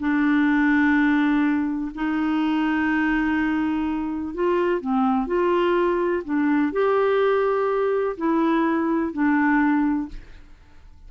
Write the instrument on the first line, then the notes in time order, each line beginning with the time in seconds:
clarinet
0.00 D4
1.95 D#4
4.35 F4
4.81 C4
5.27 F4
6.25 D4
6.72 G4
8.17 E4
9.13 D4